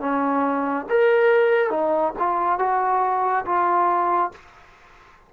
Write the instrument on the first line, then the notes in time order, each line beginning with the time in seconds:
trombone
0.00 C#4
0.89 A#4
1.70 D#4
2.19 F4
2.59 F#4
3.45 F4